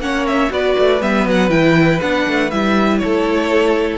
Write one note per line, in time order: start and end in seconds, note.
0.00 0.50 A#3
0.00 0.50 C#4
0.00 0.53 C#5
0.00 0.27 F#5
0.27 0.52 E5
0.50 0.76 B3
0.50 1.00 F#4
0.50 3.02 B4
0.50 1.02 D5
0.79 1.02 A3
1.02 1.27 G3
1.02 1.50 B3
1.02 1.27 E5
1.27 1.50 F#3
1.27 1.50 F#5
1.50 2.00 E3
1.50 2.00 E4
1.50 2.00 G5
2.01 2.27 B3
2.01 2.52 D4
2.01 2.51 F#5
2.28 2.52 A3
2.51 3.02 G3
2.51 3.98 E4
2.51 2.99 E5
2.99 3.98 A4
2.99 3.98 C#5
3.05 3.98 A3